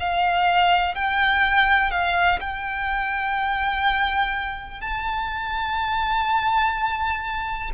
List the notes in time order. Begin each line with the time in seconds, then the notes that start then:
0.00 F5
0.95 G5
1.91 F5
2.41 G5
4.81 A5